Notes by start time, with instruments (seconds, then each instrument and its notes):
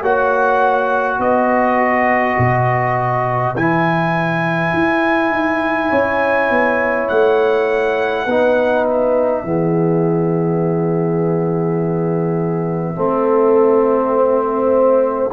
0.00 tuba A#3, trombone F#4, horn C#5, trumpet F#5
1.18 tuba B3, horn B4, trumpet D#5
2.38 tuba B2
3.55 tuba E3, trombone E4, trumpet G#5
4.73 tuba E4
5.31 tuba D#4
5.89 tuba C#4, horn C#5
6.50 tuba B3
7.08 tuba A3, trumpet F#5
8.25 tuba B3, trombone D#4, horn B4
8.85 trumpet E5
9.43 tuba E3, trombone B3, horn G#4
12.95 tuba A3, trombone C4, horn A4
14.16 horn C5